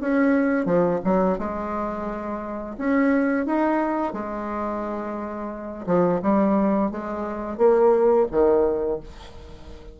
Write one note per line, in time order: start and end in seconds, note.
0.00 0.65 C#4
0.65 1.00 F3
1.04 1.38 F#3
1.38 2.76 G#3
2.77 3.45 C#4
3.45 4.13 D#4
4.13 5.85 G#3
5.86 6.20 F3
6.22 6.91 G3
6.91 7.57 G#3
7.57 8.26 A#3
8.31 9.00 D#3